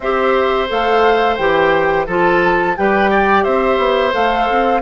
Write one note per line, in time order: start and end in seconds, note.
0.00 0.68 C4
0.00 0.68 G4
0.00 2.06 C5
0.00 0.69 E5
0.68 1.37 A3
0.68 1.36 A4
0.68 1.36 F5
1.36 2.06 E3
1.36 2.07 G4
1.36 2.05 G5
2.06 2.76 F3
2.06 2.76 F4
2.06 2.75 A4
2.06 2.76 A5
2.76 3.46 G3
2.76 4.12 G4
2.76 3.10 B4
2.76 3.43 G5
3.10 3.43 D5
3.43 3.78 C4
3.43 4.81 C5
3.43 4.12 E5
3.78 4.12 B3
4.12 4.48 A3
4.12 4.81 A4
4.12 4.81 F5
4.50 4.81 C4